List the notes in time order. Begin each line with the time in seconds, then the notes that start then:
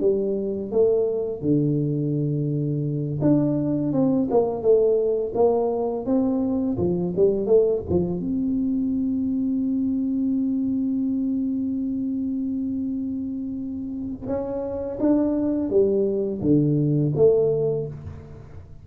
0.00 G3
0.71 A3
1.41 D3
3.21 D4
3.92 C4
4.31 A#3
4.62 A3
5.35 A#3
6.06 C4
6.78 F3
7.16 G3
7.46 A3
7.90 F3
8.20 C4
14.27 C#4
15.00 D4
15.69 G3
16.41 D3
17.16 A3